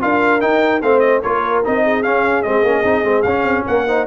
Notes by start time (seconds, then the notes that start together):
0.00 D4 F4 A#4 F5
0.41 D#4 G5
0.82 A3 C4 C5 F5
1.00 D#5
1.22 A#3 F4 A#4 C#5
1.64 C4 D#4 D#5
1.84 G#4
2.03 C#4 F5
2.43 G#3 C4 D#5
2.63 A#3 C#4
2.84 C4 D#4
3.04 G#3 C4
3.23 C#4 F5
3.44 C4
3.66 A#3 A#4 F#5
3.87 D#4 C5